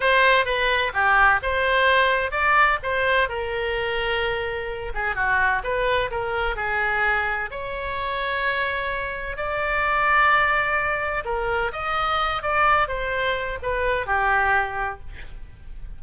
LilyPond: \new Staff \with { instrumentName = "oboe" } { \time 4/4 \tempo 4 = 128 c''4 b'4 g'4 c''4~ | c''4 d''4 c''4 ais'4~ | ais'2~ ais'8 gis'8 fis'4 | b'4 ais'4 gis'2 |
cis''1 | d''1 | ais'4 dis''4. d''4 c''8~ | c''4 b'4 g'2 | }